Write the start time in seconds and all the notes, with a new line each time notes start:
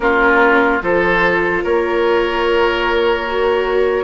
0.00 A#3 C#4 F4 A#4
0.81 F3 F4 A4 C5
1.63 A#3 A#4 C#5
3.27 F#4